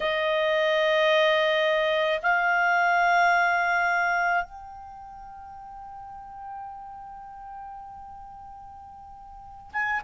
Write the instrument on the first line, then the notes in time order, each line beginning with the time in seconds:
clarinet
0.00 D#5
2.22 F5
4.43 G5
9.72 G#5